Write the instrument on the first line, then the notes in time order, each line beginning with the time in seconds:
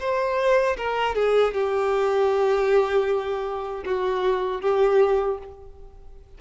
violin
0.00 C5
0.77 A#4
1.15 G#4
1.54 G4
3.85 F#4
4.62 G4